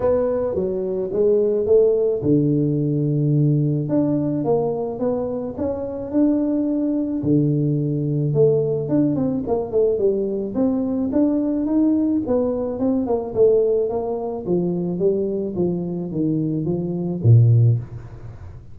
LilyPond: \new Staff \with { instrumentName = "tuba" } { \time 4/4 \tempo 4 = 108 b4 fis4 gis4 a4 | d2. d'4 | ais4 b4 cis'4 d'4~ | d'4 d2 a4 |
d'8 c'8 ais8 a8 g4 c'4 | d'4 dis'4 b4 c'8 ais8 | a4 ais4 f4 g4 | f4 dis4 f4 ais,4 | }